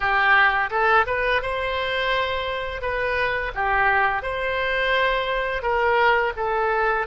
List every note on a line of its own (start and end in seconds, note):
0.00 0.70 G4
0.70 1.05 A4
1.06 1.41 B4
1.41 2.81 C5
2.81 3.52 B4
3.55 4.22 G4
4.22 5.62 C5
5.62 6.32 A#4
6.36 7.07 A4